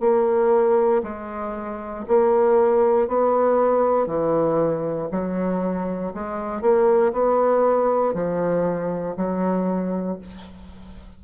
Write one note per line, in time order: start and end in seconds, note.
0.00 1.02 A#3
1.03 2.04 G#3
2.08 3.07 A#3
3.07 4.06 B3
4.06 5.08 E3
5.11 6.13 F#3
6.13 6.61 G#3
6.61 7.12 A#3
7.12 8.13 B3
8.13 9.15 F3
9.16 10.18 F#3